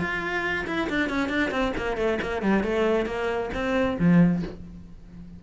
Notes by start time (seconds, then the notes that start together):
0.00 F4
0.66 E4
0.89 D4
1.09 C#4
1.29 D4
1.51 C4
1.77 A#3
1.97 A3
2.22 A#3
2.42 G3
2.64 A3
3.06 A#3
3.54 C4
3.99 F3